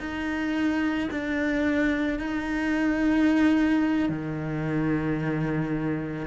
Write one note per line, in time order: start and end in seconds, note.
0.00 1.09 D#4
1.11 2.19 D4
2.19 4.09 D#4
4.09 6.27 D#3